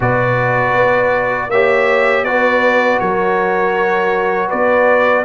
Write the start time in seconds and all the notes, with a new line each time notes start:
0.00 B2 F#4 B4 D5
0.74 B3
1.48 A#3 G4 C#5 E5
2.23 B3 F#4 B4 D5
2.99 F#3 A#4 C#5
4.47 B3 B4 D5